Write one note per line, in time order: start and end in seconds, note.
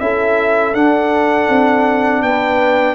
0.00 0.74 C#4
0.00 0.75 E4
0.00 2.25 A4
0.00 0.74 E5
0.74 1.48 D4
0.74 2.95 D4
0.74 2.22 F#5
1.49 2.22 C4
2.22 2.95 B3
2.22 2.95 B4
2.22 2.95 G5